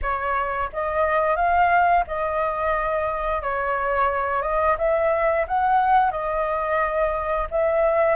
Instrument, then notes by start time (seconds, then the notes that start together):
flute
0.02 C#5
0.73 D#5
1.36 F5
2.07 D#5
3.42 C#5
4.42 D#5
4.77 E5
5.47 F#5
6.11 D#5
7.51 E5